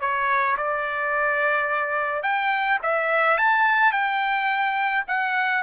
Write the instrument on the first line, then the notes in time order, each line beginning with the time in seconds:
trumpet
0.00 C#5
0.57 D5
2.23 G5
2.82 E5
3.37 A5
3.92 G5
5.07 F#5